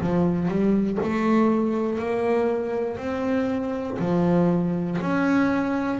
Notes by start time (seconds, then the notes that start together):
0.00 F3
0.48 G3
1.02 A3
1.99 A#3
2.97 C4
3.99 F3
5.01 C#4